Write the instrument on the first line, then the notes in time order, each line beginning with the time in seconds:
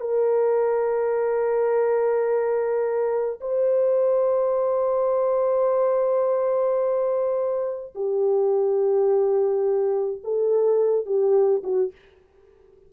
horn
0.00 A#4
3.40 C5
7.95 G4
10.23 A4
11.06 G4
11.63 F#4